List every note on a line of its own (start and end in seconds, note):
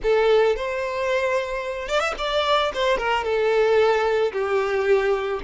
0.02 0.56 A4
0.56 1.88 C5
1.88 2.00 D5
2.00 2.13 E5
2.17 2.71 D5
2.73 2.97 C5
2.97 3.24 A#4
3.24 4.32 A4
4.32 5.40 G4